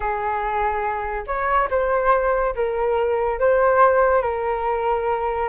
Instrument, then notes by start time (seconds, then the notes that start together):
flute
0.00 G#4
1.26 C#5
1.70 C5
2.55 A#4
3.39 C5
4.22 A#4